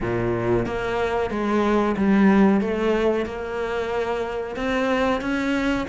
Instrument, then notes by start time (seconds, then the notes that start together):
cello
0.00 A#2
0.66 A#3
1.30 G#3
1.96 G3
2.60 A3
3.25 A#3
4.55 C4
5.21 C#4